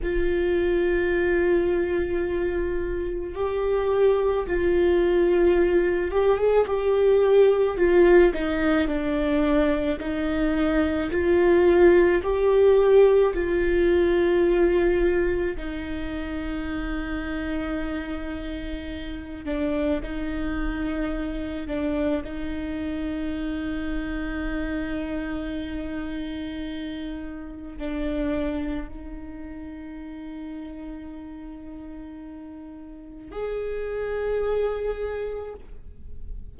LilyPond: \new Staff \with { instrumentName = "viola" } { \time 4/4 \tempo 4 = 54 f'2. g'4 | f'4. g'16 gis'16 g'4 f'8 dis'8 | d'4 dis'4 f'4 g'4 | f'2 dis'2~ |
dis'4. d'8 dis'4. d'8 | dis'1~ | dis'4 d'4 dis'2~ | dis'2 gis'2 | }